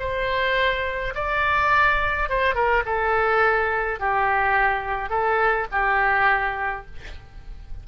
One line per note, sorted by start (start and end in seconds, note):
0.00 1.14 C5
1.16 2.30 D5
2.30 2.55 C5
2.55 2.84 A#4
2.86 4.00 A4
4.00 5.10 G4
5.10 5.67 A4
5.72 6.86 G4